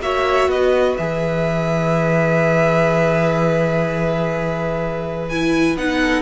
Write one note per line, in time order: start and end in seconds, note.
0.00 0.48 A#3
0.00 0.98 F#4
0.00 0.51 C#5
0.00 0.50 E5
0.48 0.96 B3
0.48 6.00 B4
0.48 0.97 D#5
0.97 5.76 E3
0.97 5.31 G#4
0.97 5.29 E5
5.29 5.77 E4
5.29 5.76 G#5
5.76 6.22 B3
5.76 6.22 D#4
5.76 6.22 F#5
6.00 6.22 A4